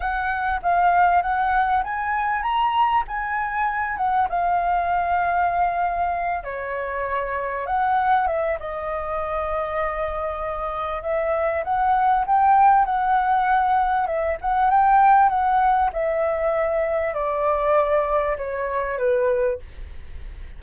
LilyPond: \new Staff \with { instrumentName = "flute" } { \time 4/4 \tempo 4 = 98 fis''4 f''4 fis''4 gis''4 | ais''4 gis''4. fis''8 f''4~ | f''2~ f''8 cis''4.~ | cis''8 fis''4 e''8 dis''2~ |
dis''2 e''4 fis''4 | g''4 fis''2 e''8 fis''8 | g''4 fis''4 e''2 | d''2 cis''4 b'4 | }